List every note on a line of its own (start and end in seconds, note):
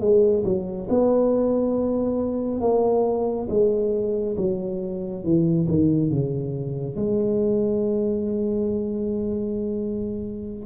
0.00 0.43 G#3
0.44 0.87 F#3
0.89 2.60 B3
2.60 3.47 A#3
3.49 4.36 G#3
4.37 5.23 F#3
5.23 5.67 E3
5.68 6.09 D#3
6.09 6.96 C#3
6.96 10.65 G#3